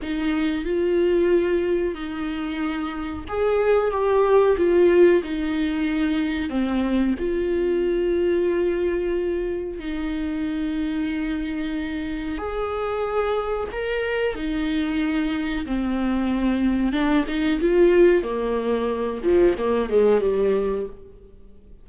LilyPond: \new Staff \with { instrumentName = "viola" } { \time 4/4 \tempo 4 = 92 dis'4 f'2 dis'4~ | dis'4 gis'4 g'4 f'4 | dis'2 c'4 f'4~ | f'2. dis'4~ |
dis'2. gis'4~ | gis'4 ais'4 dis'2 | c'2 d'8 dis'8 f'4 | ais4. f8 ais8 gis8 g4 | }